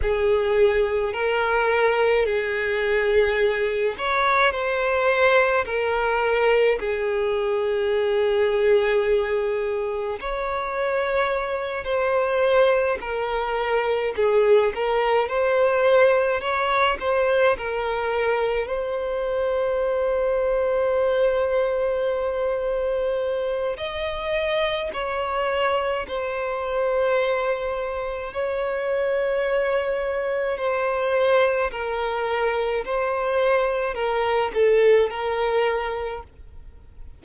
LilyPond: \new Staff \with { instrumentName = "violin" } { \time 4/4 \tempo 4 = 53 gis'4 ais'4 gis'4. cis''8 | c''4 ais'4 gis'2~ | gis'4 cis''4. c''4 ais'8~ | ais'8 gis'8 ais'8 c''4 cis''8 c''8 ais'8~ |
ais'8 c''2.~ c''8~ | c''4 dis''4 cis''4 c''4~ | c''4 cis''2 c''4 | ais'4 c''4 ais'8 a'8 ais'4 | }